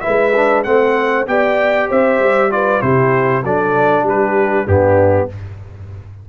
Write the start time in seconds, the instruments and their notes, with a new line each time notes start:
0.00 trombone E4, horn B4, trumpet E5
0.07 tuba G#3
0.35 trombone D4
0.63 tuba A3, trombone C4, horn C5, trumpet F#5
1.26 tuba B3, trombone G4, horn D5, trumpet G5
1.88 tuba C4, horn C5, trumpet E5
2.19 tuba G3
2.50 trombone F4, horn B4, trumpet D5
2.81 tuba C3, trombone E4, horn G4, trumpet C5
3.43 tuba F#3, trombone D4, horn A4, trumpet D5
4.02 tuba G3, horn G4
4.09 trumpet B4
4.64 tuba G2, trombone B3, horn D4, trumpet G4